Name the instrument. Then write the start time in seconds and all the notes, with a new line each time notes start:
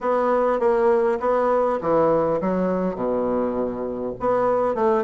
bassoon
0.00 B3
0.59 A#3
1.19 B3
1.81 E3
2.41 F#3
2.95 B2
4.20 B3
4.74 A3